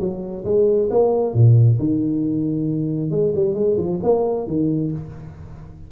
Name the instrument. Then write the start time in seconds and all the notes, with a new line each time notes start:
tuba
0.00 F#3
0.45 G#3
0.91 A#3
1.34 A#2
1.79 D#3
3.11 G#3
3.36 G3
3.55 G#3
3.78 F3
4.03 A#3
4.47 D#3